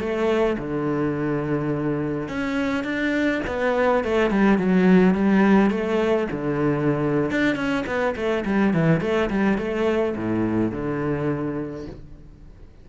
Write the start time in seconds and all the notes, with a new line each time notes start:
0.00 A3
0.58 D3
2.29 C#4
2.84 D4
3.47 B3
4.04 A3
4.31 G3
4.58 F#3
5.15 G3
5.71 A3
6.31 D3
7.31 D4
7.56 C#4
7.87 B3
8.16 A3
8.45 G3
8.74 E3
9.01 A3
9.30 G3
9.58 A3
10.17 A2
10.72 D3